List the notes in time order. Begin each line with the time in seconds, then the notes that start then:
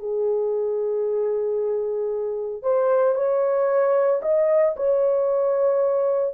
0.00 G#4
2.63 C5
3.15 C#5
4.23 D#5
4.77 C#5